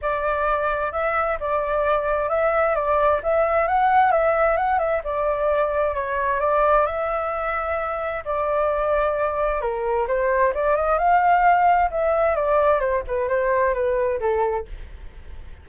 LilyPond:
\new Staff \with { instrumentName = "flute" } { \time 4/4 \tempo 4 = 131 d''2 e''4 d''4~ | d''4 e''4 d''4 e''4 | fis''4 e''4 fis''8 e''8 d''4~ | d''4 cis''4 d''4 e''4~ |
e''2 d''2~ | d''4 ais'4 c''4 d''8 dis''8 | f''2 e''4 d''4 | c''8 b'8 c''4 b'4 a'4 | }